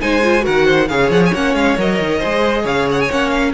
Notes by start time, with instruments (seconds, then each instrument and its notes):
0.00 cello G#3, viola D#4, violin C5 G#5
0.23 viola F4
0.41 viola F#4, violin A#4 F#5
0.47 cello D#3
0.66 violin C5
0.88 cello C#3, viola G#4, violin C#5 F5
1.10 cello F3, violin F#5
1.25 violin G#5
1.33 cello A#3, viola C#4, violin F#5
1.54 cello G#3, violin F5
1.77 cello F#3, viola A#4, violin D#5
1.99 cello D#3
2.18 viola G#4, violin C5
2.25 cello G#3
2.63 cello C#3, violin C#5 F5
2.92 violin F#5
3.01 violin G#5
3.10 cello A#3, viola C#4, violin F#5
3.30 violin F5